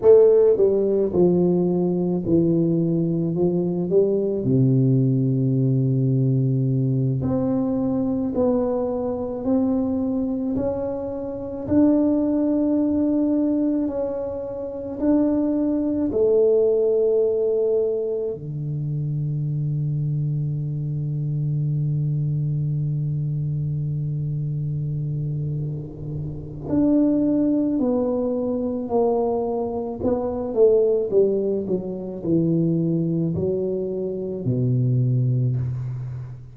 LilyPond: \new Staff \with { instrumentName = "tuba" } { \time 4/4 \tempo 4 = 54 a8 g8 f4 e4 f8 g8 | c2~ c8 c'4 b8~ | b8 c'4 cis'4 d'4.~ | d'8 cis'4 d'4 a4.~ |
a8 d2.~ d8~ | d1 | d'4 b4 ais4 b8 a8 | g8 fis8 e4 fis4 b,4 | }